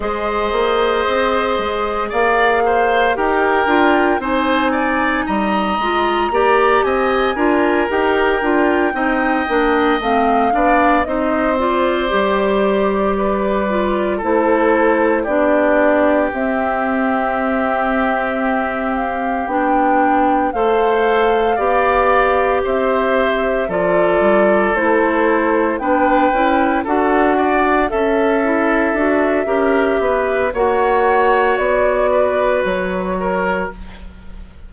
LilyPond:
<<
  \new Staff \with { instrumentName = "flute" } { \time 4/4 \tempo 4 = 57 dis''2 f''4 g''4 | gis''4 ais''4. gis''4 g''8~ | g''4. f''4 dis''8 d''4~ | d''4. c''4 d''4 e''8~ |
e''2 f''8 g''4 f''8~ | f''4. e''4 d''4 c''8~ | c''8 g''4 fis''4 e''4.~ | e''4 fis''4 d''4 cis''4 | }
  \new Staff \with { instrumentName = "oboe" } { \time 4/4 c''2 d''8 c''8 ais'4 | c''8 d''8 dis''4 d''8 dis''8 ais'4~ | ais'8 dis''4. d''8 c''4.~ | c''8 b'4 a'4 g'4.~ |
g'2.~ g'8 c''8~ | c''8 d''4 c''4 a'4.~ | a'8 b'4 a'8 d''8 a'4. | ais'8 b'8 cis''4. b'4 ais'8 | }
  \new Staff \with { instrumentName = "clarinet" } { \time 4/4 gis'2. g'8 f'8 | dis'4. f'8 g'4 f'8 g'8 | f'8 dis'8 d'8 c'8 d'8 dis'8 f'8 g'8~ | g'4 f'8 e'4 d'4 c'8~ |
c'2~ c'8 d'4 a'8~ | a'8 g'2 f'4 e'8~ | e'8 d'8 e'8 fis'4 a'8 e'8 fis'8 | g'4 fis'2. | }
  \new Staff \with { instrumentName = "bassoon" } { \time 4/4 gis8 ais8 c'8 gis8 ais4 dis'8 d'8 | c'4 g8 gis8 ais8 c'8 d'8 dis'8 | d'8 c'8 ais8 a8 b8 c'4 g8~ | g4. a4 b4 c'8~ |
c'2~ c'8 b4 a8~ | a8 b4 c'4 f8 g8 a8~ | a8 b8 cis'8 d'4 cis'4 d'8 | cis'8 b8 ais4 b4 fis4 | }
>>